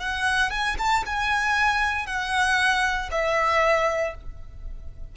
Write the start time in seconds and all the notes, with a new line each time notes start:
0.00 F#5
0.51 G#5
0.79 A5
1.06 G#5
2.07 F#5
3.12 E5